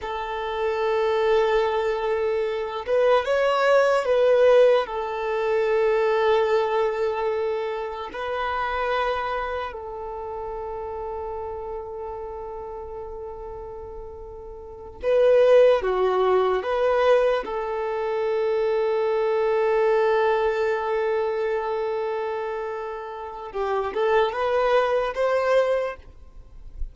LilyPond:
\new Staff \with { instrumentName = "violin" } { \time 4/4 \tempo 4 = 74 a'2.~ a'8 b'8 | cis''4 b'4 a'2~ | a'2 b'2 | a'1~ |
a'2~ a'8 b'4 fis'8~ | fis'8 b'4 a'2~ a'8~ | a'1~ | a'4 g'8 a'8 b'4 c''4 | }